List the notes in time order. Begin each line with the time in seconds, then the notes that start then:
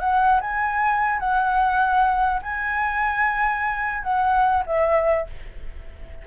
0.00 F#5
0.41 G#5
1.20 F#5
2.42 G#5
4.03 F#5
4.67 E5